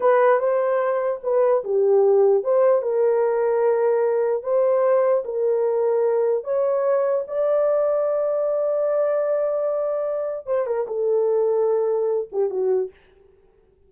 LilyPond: \new Staff \with { instrumentName = "horn" } { \time 4/4 \tempo 4 = 149 b'4 c''2 b'4 | g'2 c''4 ais'4~ | ais'2. c''4~ | c''4 ais'2. |
cis''2 d''2~ | d''1~ | d''2 c''8 ais'8 a'4~ | a'2~ a'8 g'8 fis'4 | }